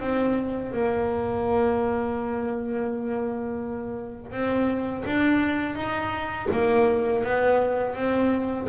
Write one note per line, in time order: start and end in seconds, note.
0.00 0.72 C4
0.72 4.31 A#3
4.31 5.04 C4
5.05 5.75 D4
5.75 6.47 D#4
6.52 7.24 A#3
7.24 7.95 B3
7.95 8.67 C4